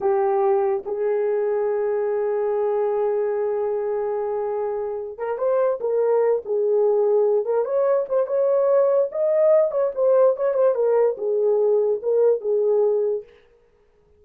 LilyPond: \new Staff \with { instrumentName = "horn" } { \time 4/4 \tempo 4 = 145 g'2 gis'2~ | gis'1~ | gis'1~ | gis'8 ais'8 c''4 ais'4. gis'8~ |
gis'2 ais'8 cis''4 c''8 | cis''2 dis''4. cis''8 | c''4 cis''8 c''8 ais'4 gis'4~ | gis'4 ais'4 gis'2 | }